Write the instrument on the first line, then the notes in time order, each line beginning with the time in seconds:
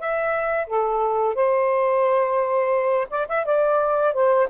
saxophone
0.00 E5
0.68 A4
1.35 C5
3.11 D5
3.29 E5
3.46 D5
4.14 C5